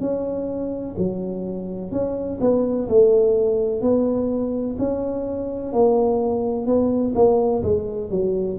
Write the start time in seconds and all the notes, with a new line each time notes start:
0.00 C#4
0.98 F#3
1.91 C#4
2.41 B3
2.89 A3
3.81 B3
4.79 C#4
5.73 A#3
6.66 B3
7.15 A#3
7.63 G#3
8.10 F#3